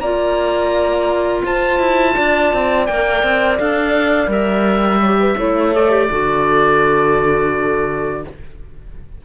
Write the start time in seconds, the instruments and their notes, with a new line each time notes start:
0.00 cello A#3, clarinet F4, horn D5, oboe A#5
1.44 cello F4, horn C5, oboe A5
1.80 cello E4
2.14 cello D4, horn D5
2.53 cello C4
2.86 cello A#3, clarinet A#4, oboe G5
3.23 cello C4
3.59 cello D4, clarinet A4, oboe F5
4.27 cello G3, clarinet A#4, oboe E5
5.00 clarinet G4, horn C#5
5.20 horn B4
5.37 cello A3, clarinet E4, horn C#5
5.73 clarinet A4, oboe D5
5.90 clarinet G4
6.10 cello D3, clarinet F#4, horn A4